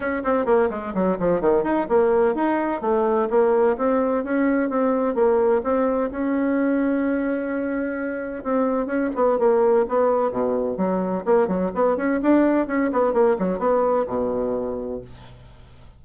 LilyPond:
\new Staff \with { instrumentName = "bassoon" } { \time 4/4 \tempo 4 = 128 cis'8 c'8 ais8 gis8 fis8 f8 dis8 dis'8 | ais4 dis'4 a4 ais4 | c'4 cis'4 c'4 ais4 | c'4 cis'2.~ |
cis'2 c'4 cis'8 b8 | ais4 b4 b,4 fis4 | ais8 fis8 b8 cis'8 d'4 cis'8 b8 | ais8 fis8 b4 b,2 | }